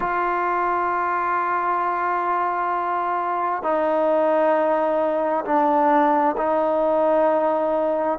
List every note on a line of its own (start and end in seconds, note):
0.00 3.62 F4
3.62 5.44 D#4
5.44 6.35 D4
6.37 8.18 D#4